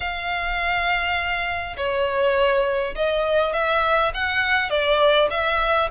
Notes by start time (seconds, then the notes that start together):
0.00 F5
1.76 C#5
2.95 D#5
3.53 E5
4.13 F#5
4.70 D5
5.30 E5